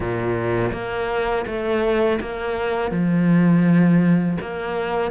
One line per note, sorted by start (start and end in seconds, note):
0.00 0.71 A#2
0.72 1.45 A#3
1.46 2.19 A3
2.21 2.91 A#3
2.91 4.37 F3
4.41 5.11 A#3